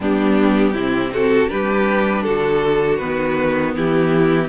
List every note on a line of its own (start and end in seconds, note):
0.00 0.74 G3
0.00 0.76 B3
0.00 0.73 D4
0.00 1.13 G4
0.73 1.49 C3
0.73 1.48 C4
0.73 1.10 E4
1.13 1.49 F#4
1.13 1.50 A4
1.48 2.26 G3
1.48 2.98 D4
1.48 2.24 G4
1.48 2.23 B4
2.23 3.01 D3
2.23 3.75 F#4
2.23 2.98 A4
2.98 3.75 D#3
2.98 4.48 B3
2.98 3.73 B4
3.75 4.48 E3
3.75 4.48 E4
3.75 4.48 G4